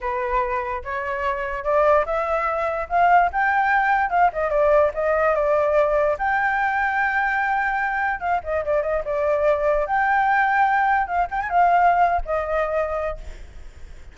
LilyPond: \new Staff \with { instrumentName = "flute" } { \time 4/4 \tempo 4 = 146 b'2 cis''2 | d''4 e''2 f''4 | g''2 f''8 dis''8 d''4 | dis''4 d''2 g''4~ |
g''1 | f''8 dis''8 d''8 dis''8 d''2 | g''2. f''8 g''16 gis''16 | f''4.~ f''16 dis''2~ dis''16 | }